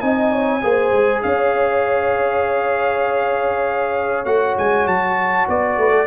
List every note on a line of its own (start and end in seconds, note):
0.00 0.62 C4
0.00 0.61 D#4
0.00 0.31 D#5
0.00 1.21 G#5
0.31 0.62 C#5
0.62 0.91 A#3
0.62 4.25 G#4
0.62 1.23 C5
0.91 1.21 G#3
1.22 4.25 C#4
1.22 5.77 C#5
1.22 4.25 F5
4.25 4.55 A3
4.25 6.07 F#4
4.25 4.55 F#5
4.58 4.86 G#3
4.58 4.87 G#5
4.86 5.46 F#3
4.86 5.48 A5
5.47 5.77 B3
5.47 6.07 D5
5.77 6.07 A3
5.77 5.91 B4
5.91 6.06 A4